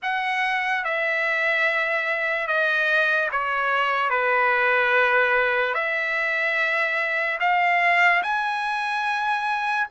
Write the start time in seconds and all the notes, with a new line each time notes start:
0.02 F#5
0.84 E5
2.47 D#5
3.31 C#5
4.09 B4
5.74 E5
7.40 F5
8.22 G#5